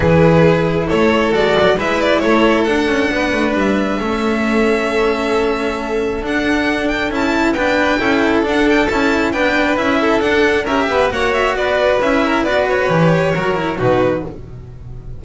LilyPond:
<<
  \new Staff \with { instrumentName = "violin" } { \time 4/4 \tempo 4 = 135 b'2 cis''4 d''4 | e''8 d''8 cis''4 fis''2 | e''1~ | e''2 fis''4. g''8 |
a''4 g''2 fis''8 g''8 | a''4 g''4 e''4 fis''4 | e''4 fis''8 e''8 d''4 e''4 | d''8 cis''2~ cis''8 b'4 | }
  \new Staff \with { instrumentName = "violin" } { \time 4/4 gis'2 a'2 | b'4 a'2 b'4~ | b'4 a'2.~ | a'1~ |
a'4 b'4 a'2~ | a'4 b'4. a'4. | ais'8 b'8 cis''4 b'4. ais'8 | b'2 ais'4 fis'4 | }
  \new Staff \with { instrumentName = "cello" } { \time 4/4 e'2. fis'4 | e'2 d'2~ | d'4 cis'2.~ | cis'2 d'2 |
e'4 d'4 e'4 d'4 | e'4 d'4 e'4 d'4 | g'4 fis'2 e'4 | fis'4 g'4 fis'8 e'8 dis'4 | }
  \new Staff \with { instrumentName = "double bass" } { \time 4/4 e2 a4 gis8 fis8 | gis4 a4 d'8 cis'8 b8 a8 | g4 a2.~ | a2 d'2 |
cis'4 b4 cis'4 d'4 | cis'4 b4 cis'4 d'4 | cis'8 b8 ais4 b4 cis'4 | b4 e4 fis4 b,4 | }
>>